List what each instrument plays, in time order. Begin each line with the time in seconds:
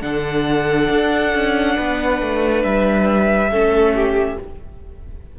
0.00 cello D3, viola D4, violin A4 F#5
0.90 cello D4
1.33 cello C#4
1.76 cello B3, violin B4
2.21 cello A3
2.63 cello G3, violin E5
3.50 cello A3, viola C#4, violin A4
3.95 violin G4